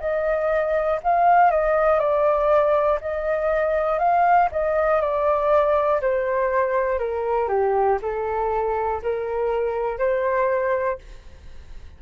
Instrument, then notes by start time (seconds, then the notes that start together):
flute
0.00 D#5
1.03 F5
1.50 D#5
1.99 D5
3.00 D#5
3.99 F5
4.51 D#5
5.00 D5
6.01 C5
6.99 A#4
7.48 G4
8.02 A4
9.02 A#4
9.98 C5